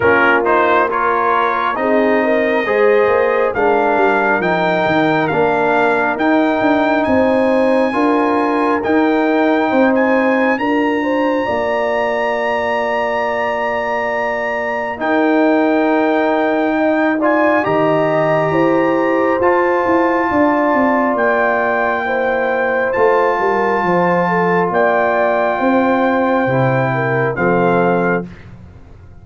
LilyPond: <<
  \new Staff \with { instrumentName = "trumpet" } { \time 4/4 \tempo 4 = 68 ais'8 c''8 cis''4 dis''2 | f''4 g''4 f''4 g''4 | gis''2 g''4~ g''16 gis''8. | ais''1~ |
ais''4 g''2~ g''8 gis''8 | ais''2 a''2 | g''2 a''2 | g''2. f''4 | }
  \new Staff \with { instrumentName = "horn" } { \time 4/4 f'4 ais'4 gis'8 ais'8 c''4 | ais'1 | c''4 ais'2 c''4 | ais'8 c''8 d''2.~ |
d''4 ais'2 dis''8 d''8 | dis''4 c''2 d''4~ | d''4 c''4. ais'8 c''8 a'8 | d''4 c''4. ais'8 a'4 | }
  \new Staff \with { instrumentName = "trombone" } { \time 4/4 cis'8 dis'8 f'4 dis'4 gis'4 | d'4 dis'4 d'4 dis'4~ | dis'4 f'4 dis'2 | f'1~ |
f'4 dis'2~ dis'8 f'8 | g'2 f'2~ | f'4 e'4 f'2~ | f'2 e'4 c'4 | }
  \new Staff \with { instrumentName = "tuba" } { \time 4/4 ais2 c'4 gis8 ais8 | gis8 g8 f8 dis8 ais4 dis'8 d'8 | c'4 d'4 dis'4 c'4 | d'4 ais2.~ |
ais4 dis'2. | dis4 e'4 f'8 e'8 d'8 c'8 | ais2 a8 g8 f4 | ais4 c'4 c4 f4 | }
>>